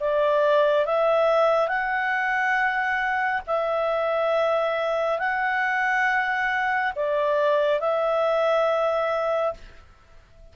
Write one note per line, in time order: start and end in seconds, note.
0.00 0.85 D5
0.85 1.68 E5
1.68 3.42 F#5
3.47 5.19 E5
5.19 6.92 F#5
6.95 7.80 D5
7.80 9.54 E5